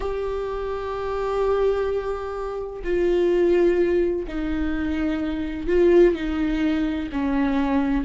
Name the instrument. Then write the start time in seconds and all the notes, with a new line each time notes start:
viola
0.00 G4
2.84 F4
4.27 D#4
5.67 F4
6.14 D#4
7.11 C#4